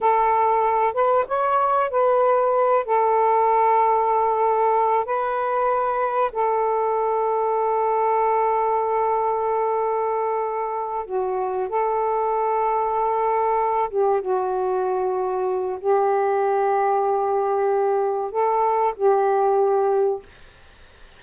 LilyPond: \new Staff \with { instrumentName = "saxophone" } { \time 4/4 \tempo 4 = 95 a'4. b'8 cis''4 b'4~ | b'8 a'2.~ a'8 | b'2 a'2~ | a'1~ |
a'4. fis'4 a'4.~ | a'2 g'8 fis'4.~ | fis'4 g'2.~ | g'4 a'4 g'2 | }